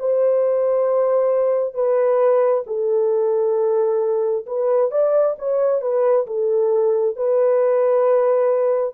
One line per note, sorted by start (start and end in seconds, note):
0.00 1.75 C5
1.75 2.64 B4
2.67 4.47 A4
4.47 4.91 B4
4.91 5.36 D5
5.39 5.82 C#5
5.82 6.27 B4
6.27 7.17 A4
7.17 8.95 B4